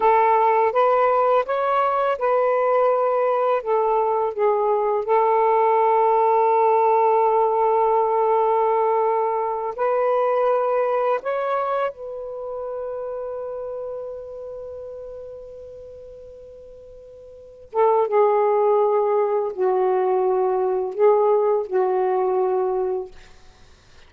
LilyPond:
\new Staff \with { instrumentName = "saxophone" } { \time 4/4 \tempo 4 = 83 a'4 b'4 cis''4 b'4~ | b'4 a'4 gis'4 a'4~ | a'1~ | a'4. b'2 cis''8~ |
cis''8 b'2.~ b'8~ | b'1~ | b'8 a'8 gis'2 fis'4~ | fis'4 gis'4 fis'2 | }